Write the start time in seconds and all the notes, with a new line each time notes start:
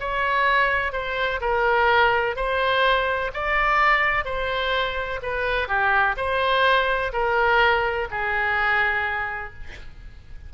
0.00 C#5
0.92 C5
1.41 A#4
2.36 C5
3.34 D5
4.25 C5
5.23 B4
5.68 G4
6.17 C5
7.13 A#4
8.11 G#4